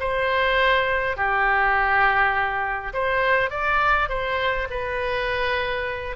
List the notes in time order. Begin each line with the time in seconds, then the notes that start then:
0.00 C5
1.17 G4
2.93 C5
3.50 D5
4.09 C5
4.70 B4